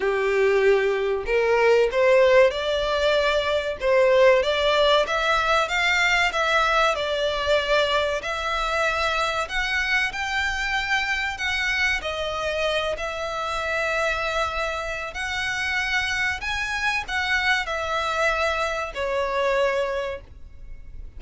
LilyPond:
\new Staff \with { instrumentName = "violin" } { \time 4/4 \tempo 4 = 95 g'2 ais'4 c''4 | d''2 c''4 d''4 | e''4 f''4 e''4 d''4~ | d''4 e''2 fis''4 |
g''2 fis''4 dis''4~ | dis''8 e''2.~ e''8 | fis''2 gis''4 fis''4 | e''2 cis''2 | }